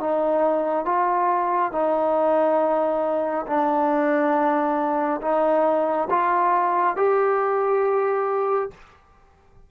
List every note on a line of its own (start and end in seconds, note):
0.00 0.85 D#4
0.85 1.72 F4
1.72 3.46 D#4
3.47 5.21 D4
5.22 6.09 D#4
6.10 6.96 F4
6.96 8.70 G4